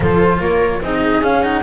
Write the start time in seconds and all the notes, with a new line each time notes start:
0.00 F3 F4 A4 C5
0.40 A#3 A#4 C#5
0.81 C4 D#4 G#4 D#5
1.21 C#4 F5
1.42 D#4 F#5